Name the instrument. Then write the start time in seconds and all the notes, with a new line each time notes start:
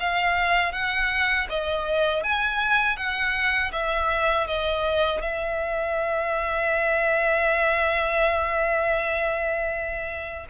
violin
0.00 F5
0.72 F#5
1.49 D#5
2.23 G#5
2.96 F#5
3.72 E5
4.47 D#5
5.21 E5